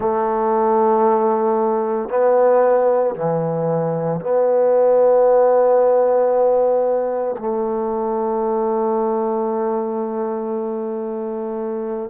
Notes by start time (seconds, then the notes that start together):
0.00 A3
2.09 B3
3.15 E3
4.20 B3
7.38 A3